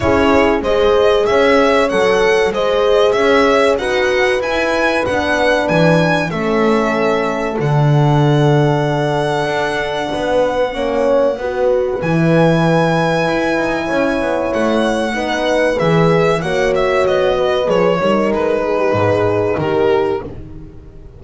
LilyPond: <<
  \new Staff \with { instrumentName = "violin" } { \time 4/4 \tempo 4 = 95 cis''4 dis''4 e''4 fis''4 | dis''4 e''4 fis''4 gis''4 | fis''4 gis''4 e''2 | fis''1~ |
fis''2. gis''4~ | gis''2. fis''4~ | fis''4 e''4 fis''8 e''8 dis''4 | cis''4 b'2 ais'4 | }
  \new Staff \with { instrumentName = "horn" } { \time 4/4 gis'4 c''4 cis''2 | c''4 cis''4 b'2~ | b'2 a'2~ | a'1 |
b'4 cis''4 b'2~ | b'2 cis''2 | b'2 cis''4. b'8~ | b'8 ais'4 gis'16 g'16 gis'4 g'4 | }
  \new Staff \with { instrumentName = "horn" } { \time 4/4 e'4 gis'2 a'4 | gis'2 fis'4 e'4 | d'2 cis'2 | d'1~ |
d'4 cis'4 fis'4 e'4~ | e'1 | dis'4 gis'4 fis'2 | gis'8 dis'2.~ dis'8 | }
  \new Staff \with { instrumentName = "double bass" } { \time 4/4 cis'4 gis4 cis'4 fis4 | gis4 cis'4 dis'4 e'4 | b4 e4 a2 | d2. d'4 |
b4 ais4 b4 e4~ | e4 e'8 dis'8 cis'8 b8 a4 | b4 e4 ais4 b4 | f8 g8 gis4 gis,4 dis4 | }
>>